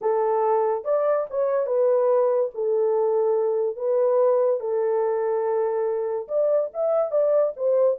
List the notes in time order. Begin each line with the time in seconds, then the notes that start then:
0.01 A4
0.84 D5
1.29 C#5
1.66 B4
2.54 A4
3.76 B4
4.59 A4
6.28 D5
6.73 E5
7.11 D5
7.56 C5